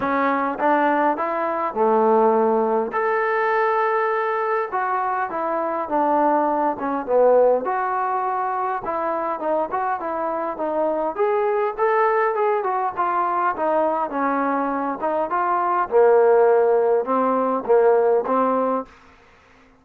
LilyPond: \new Staff \with { instrumentName = "trombone" } { \time 4/4 \tempo 4 = 102 cis'4 d'4 e'4 a4~ | a4 a'2. | fis'4 e'4 d'4. cis'8 | b4 fis'2 e'4 |
dis'8 fis'8 e'4 dis'4 gis'4 | a'4 gis'8 fis'8 f'4 dis'4 | cis'4. dis'8 f'4 ais4~ | ais4 c'4 ais4 c'4 | }